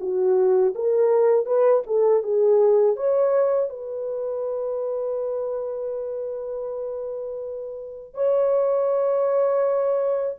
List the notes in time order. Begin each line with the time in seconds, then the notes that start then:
0.00 F#4
0.75 A#4
1.46 B4
1.87 A4
2.23 G#4
2.96 C#5
3.70 B4
8.14 C#5